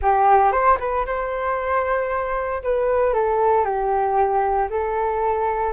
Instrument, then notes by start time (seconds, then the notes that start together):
flute
0.01 G4
0.51 C5
0.79 B4
1.06 C5
2.63 B4
3.13 A4
3.64 G4
4.70 A4